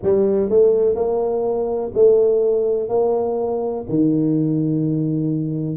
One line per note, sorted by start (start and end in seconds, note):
0.03 0.49 G3
0.49 0.95 A3
0.95 1.91 A#3
1.94 2.89 A3
2.89 3.85 A#3
3.88 5.77 D#3